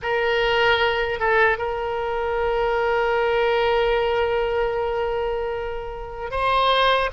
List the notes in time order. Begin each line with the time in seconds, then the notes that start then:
0.02 A#4
1.19 A4
1.58 A#4
6.31 C5